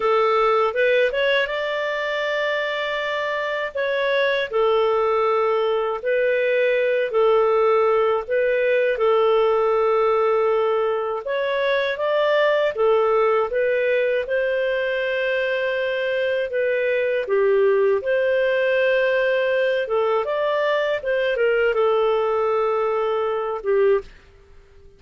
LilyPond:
\new Staff \with { instrumentName = "clarinet" } { \time 4/4 \tempo 4 = 80 a'4 b'8 cis''8 d''2~ | d''4 cis''4 a'2 | b'4. a'4. b'4 | a'2. cis''4 |
d''4 a'4 b'4 c''4~ | c''2 b'4 g'4 | c''2~ c''8 a'8 d''4 | c''8 ais'8 a'2~ a'8 g'8 | }